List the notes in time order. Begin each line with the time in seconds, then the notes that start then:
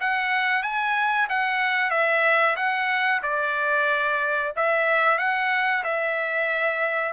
0.00 F#5
0.62 G#5
1.29 F#5
1.90 E5
2.56 F#5
3.22 D5
4.56 E5
5.18 F#5
5.84 E5